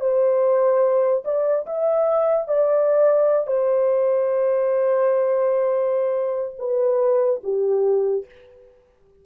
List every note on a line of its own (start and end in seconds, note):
0.00 1.23 C5
1.24 1.66 D5
1.66 2.48 E5
2.48 3.47 D5
3.47 6.55 C5
6.58 7.40 B4
7.43 8.25 G4